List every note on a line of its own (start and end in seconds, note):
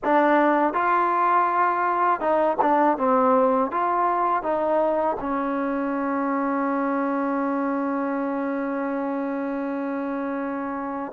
0.04 0.73 D4
0.73 2.20 F4
2.20 2.57 D#4
2.61 2.97 D4
2.97 3.71 C4
3.71 4.42 F4
4.42 5.16 D#4
5.20 11.12 C#4